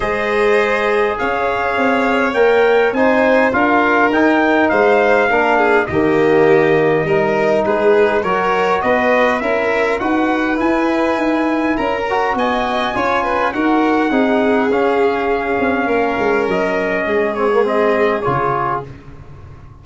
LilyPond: <<
  \new Staff \with { instrumentName = "trumpet" } { \time 4/4 \tempo 4 = 102 dis''2 f''2 | g''4 gis''4 f''4 g''4 | f''2 dis''2~ | dis''4 b'4 cis''4 dis''4 |
e''4 fis''4 gis''2 | ais''4 gis''2 fis''4~ | fis''4 f''2. | dis''4. cis''8 dis''4 cis''4 | }
  \new Staff \with { instrumentName = "violin" } { \time 4/4 c''2 cis''2~ | cis''4 c''4 ais'2 | c''4 ais'8 gis'8 g'2 | ais'4 gis'4 ais'4 b'4 |
ais'4 b'2. | ais'4 dis''4 cis''8 b'8 ais'4 | gis'2. ais'4~ | ais'4 gis'2. | }
  \new Staff \with { instrumentName = "trombone" } { \time 4/4 gis'1 | ais'4 dis'4 f'4 dis'4~ | dis'4 d'4 ais2 | dis'2 fis'2 |
e'4 fis'4 e'2~ | e'8 fis'4. f'4 fis'4 | dis'4 cis'2.~ | cis'4. c'16 ais16 c'4 f'4 | }
  \new Staff \with { instrumentName = "tuba" } { \time 4/4 gis2 cis'4 c'4 | ais4 c'4 d'4 dis'4 | gis4 ais4 dis2 | g4 gis4 fis4 b4 |
cis'4 dis'4 e'4 dis'4 | cis'4 b4 cis'4 dis'4 | c'4 cis'4. c'8 ais8 gis8 | fis4 gis2 cis4 | }
>>